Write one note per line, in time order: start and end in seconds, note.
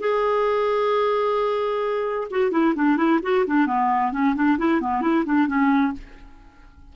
0.00 2.27 G#4
2.30 2.51 F#4
2.51 2.74 E4
2.75 2.97 D4
2.97 3.20 E4
3.22 3.45 F#4
3.46 3.66 D4
3.66 4.12 B3
4.12 4.35 C#4
4.35 4.58 D4
4.58 4.81 E4
4.81 5.01 B3
5.01 5.24 E4
5.25 5.47 D4
5.47 5.93 C#4